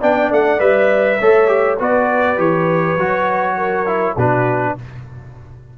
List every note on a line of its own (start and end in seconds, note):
0.00 0.31 B3
0.00 0.59 D4
0.00 1.19 D5
0.00 0.32 G5
0.31 0.60 A3
0.31 0.60 F#5
0.59 1.20 G3
0.59 1.18 B4
0.59 1.79 E5
1.19 1.80 A3
1.19 1.48 A4
1.19 1.79 C#5
1.48 1.77 G4
1.79 2.38 B3
1.79 2.37 F#4
1.79 3.57 B4
1.79 2.40 D5
2.37 2.98 E3
2.37 2.97 G4
2.37 4.18 C#5
2.98 4.16 F#3
2.98 3.87 F#4
3.57 4.16 A#4
3.87 4.16 E4
4.16 4.76 B2
4.16 4.78 D4
4.16 4.75 F#4
4.16 4.78 B4